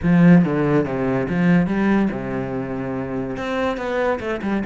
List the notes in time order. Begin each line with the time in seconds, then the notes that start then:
0.02 F3
0.44 D3
0.85 C3
1.29 F3
1.66 G3
2.11 C3
3.36 C4
3.77 B3
4.20 A3
4.42 G3